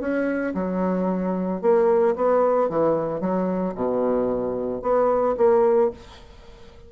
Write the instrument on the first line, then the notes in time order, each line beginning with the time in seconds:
bassoon
0.00 C#4
0.55 F#3
1.61 A#3
2.16 B3
2.69 E3
3.20 F#3
3.75 B2
4.82 B3
5.37 A#3